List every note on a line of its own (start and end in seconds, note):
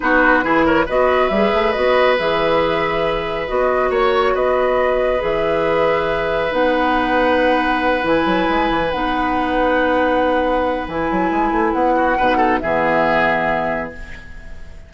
0.00 0.43 B3
0.00 0.42 D#4
0.00 0.44 F#4
0.00 0.64 B4
0.42 0.87 E3
0.42 0.86 E4
0.42 0.65 G#4
0.65 0.85 A#4
0.65 0.86 C#5
0.85 1.30 B3
0.85 1.31 F#4
0.85 3.89 B4
0.85 1.28 D#5
1.28 1.51 G3
1.28 1.74 G#4
1.28 1.72 E5
1.53 1.75 A3
1.72 2.19 B3
1.72 2.17 F#4
1.72 2.15 D#5
2.18 3.49 E3
2.18 3.47 G#4
2.18 3.47 E5
3.47 3.90 B3
3.47 5.18 F#4
3.47 3.91 D#5
3.90 4.33 A#3
3.90 4.33 C#5
3.90 4.35 C#5
4.34 5.21 B3
4.34 11.95 B4
4.34 5.22 D#5
5.18 6.51 E3
5.18 6.48 G#4
5.24 6.53 E5
6.50 8.03 B3
6.50 8.02 D#4
6.50 8.05 F#5
8.02 8.25 E3
8.02 8.89 E4
8.02 8.90 G#5
8.25 8.47 F#3
8.48 8.69 G#3
8.69 8.91 E3
8.90 10.87 B3
8.90 10.88 D#4
8.90 10.86 F#5
10.87 11.09 E3
10.87 12.18 E4
10.87 11.72 G#5
11.10 11.30 F#3
11.30 11.51 G#3
11.51 11.73 A3
11.72 12.17 B3
11.72 12.59 F#5
11.95 12.17 F#4
12.17 12.62 B2
12.17 12.61 D#4
12.17 12.37 B4
12.37 12.59 A4
12.59 13.93 E3
12.59 13.93 B3
12.59 13.93 G#4
12.59 13.90 E5